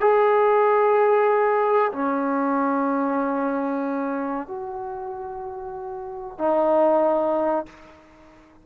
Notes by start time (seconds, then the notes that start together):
0.00 G#4
1.92 C#4
4.47 F#4
6.38 D#4